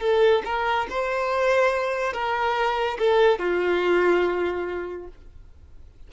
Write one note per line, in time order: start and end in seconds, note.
0.00 0.42 A4
0.45 0.87 A#4
0.90 2.13 C5
2.13 2.98 A#4
2.98 3.38 A4
3.38 5.07 F4